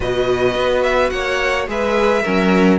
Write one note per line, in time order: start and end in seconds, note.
0.00 0.55 B2
0.00 1.67 F#4
0.00 1.12 B4
0.00 0.83 D#5
0.55 1.11 B3
0.83 1.10 E5
1.10 1.67 A#3
1.10 1.68 C#5
1.10 1.66 F#5
1.67 2.23 G#3
1.67 2.23 G#4
1.67 2.23 B4
1.67 2.78 E5
2.23 2.78 F#3
2.23 2.78 C#4
2.23 2.78 A#4